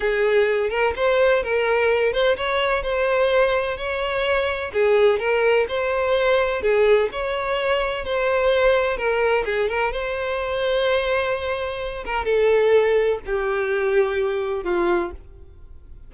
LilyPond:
\new Staff \with { instrumentName = "violin" } { \time 4/4 \tempo 4 = 127 gis'4. ais'8 c''4 ais'4~ | ais'8 c''8 cis''4 c''2 | cis''2 gis'4 ais'4 | c''2 gis'4 cis''4~ |
cis''4 c''2 ais'4 | gis'8 ais'8 c''2.~ | c''4. ais'8 a'2 | g'2. f'4 | }